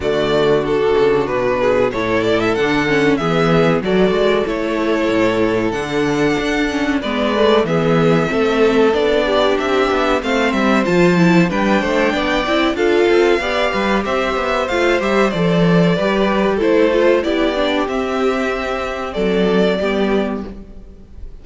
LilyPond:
<<
  \new Staff \with { instrumentName = "violin" } { \time 4/4 \tempo 4 = 94 d''4 a'4 b'4 cis''8 d''16 e''16 | fis''4 e''4 d''4 cis''4~ | cis''4 fis''2 d''4 | e''2 d''4 e''4 |
f''8 e''8 a''4 g''2 | f''2 e''4 f''8 e''8 | d''2 c''4 d''4 | e''2 d''2 | }
  \new Staff \with { instrumentName = "violin" } { \time 4/4 fis'2~ fis'8 gis'8 a'4~ | a'4 gis'4 a'2~ | a'2. b'4 | gis'4 a'4. g'4. |
c''2 b'8 c''8 d''4 | a'4 d''8 b'8 c''2~ | c''4 b'4 a'4 g'4~ | g'2 a'4 g'4 | }
  \new Staff \with { instrumentName = "viola" } { \time 4/4 a4 d'2 e'4 | d'8 cis'8 b4 fis'4 e'4~ | e'4 d'4. cis'8 b8 a8 | b4 c'4 d'2 |
c'4 f'8 e'8 d'4. e'8 | f'4 g'2 f'8 g'8 | a'4 g'4 e'8 f'8 e'8 d'8 | c'2. b4 | }
  \new Staff \with { instrumentName = "cello" } { \time 4/4 d4. cis8 b,4 a,4 | d4 e4 fis8 gis8 a4 | a,4 d4 d'4 gis4 | e4 a4 b4 c'8 b8 |
a8 g8 f4 g8 a8 b8 c'8 | d'8 c'8 b8 g8 c'8 b8 a8 g8 | f4 g4 a4 b4 | c'2 fis4 g4 | }
>>